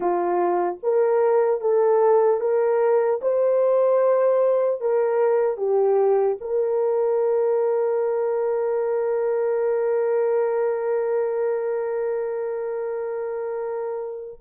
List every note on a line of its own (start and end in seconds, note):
0.00 0.78 F4
0.83 1.60 A#4
1.60 2.40 A4
2.40 3.20 A#4
3.21 4.80 C5
4.80 5.57 A#4
5.57 6.37 G4
6.40 14.40 A#4